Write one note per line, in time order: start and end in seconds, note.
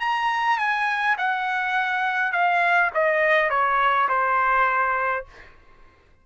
0.00 0.58 A#5
0.58 1.16 G#5
1.18 2.32 F#5
2.32 2.91 F5
2.94 3.50 D#5
3.50 4.08 C#5
4.09 5.25 C5